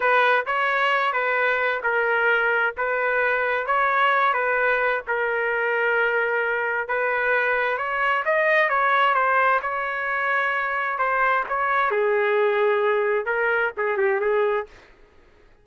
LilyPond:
\new Staff \with { instrumentName = "trumpet" } { \time 4/4 \tempo 4 = 131 b'4 cis''4. b'4. | ais'2 b'2 | cis''4. b'4. ais'4~ | ais'2. b'4~ |
b'4 cis''4 dis''4 cis''4 | c''4 cis''2. | c''4 cis''4 gis'2~ | gis'4 ais'4 gis'8 g'8 gis'4 | }